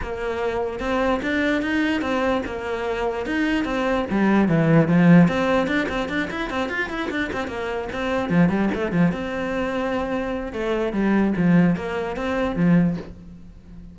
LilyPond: \new Staff \with { instrumentName = "cello" } { \time 4/4 \tempo 4 = 148 ais2 c'4 d'4 | dis'4 c'4 ais2 | dis'4 c'4 g4 e4 | f4 c'4 d'8 c'8 d'8 e'8 |
c'8 f'8 e'8 d'8 c'8 ais4 c'8~ | c'8 f8 g8 a8 f8 c'4.~ | c'2 a4 g4 | f4 ais4 c'4 f4 | }